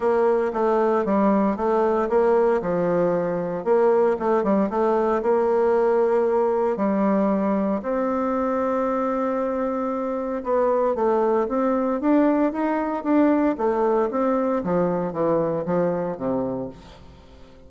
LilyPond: \new Staff \with { instrumentName = "bassoon" } { \time 4/4 \tempo 4 = 115 ais4 a4 g4 a4 | ais4 f2 ais4 | a8 g8 a4 ais2~ | ais4 g2 c'4~ |
c'1 | b4 a4 c'4 d'4 | dis'4 d'4 a4 c'4 | f4 e4 f4 c4 | }